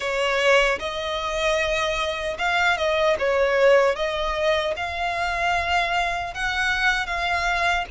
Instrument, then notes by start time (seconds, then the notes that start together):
violin
0.00 C#5
0.79 D#5
2.38 F5
2.77 D#5
3.18 C#5
3.95 D#5
4.76 F5
6.34 F#5
7.06 F5